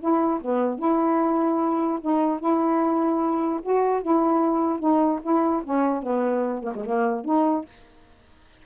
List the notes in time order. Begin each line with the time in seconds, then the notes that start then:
0.00 E4
0.41 B3
0.79 E4
2.01 D#4
2.40 E4
3.63 F#4
4.02 E4
4.80 D#4
5.23 E4
5.64 C#4
6.03 B3
6.63 A#3
6.75 G#3
6.86 A#3
7.25 D#4